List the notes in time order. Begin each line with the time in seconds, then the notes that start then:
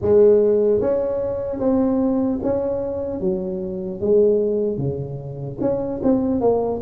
0.01 G#3
0.80 C#4
1.59 C4
2.43 C#4
3.20 F#3
4.00 G#3
4.77 C#3
5.60 C#4
6.03 C4
6.40 A#3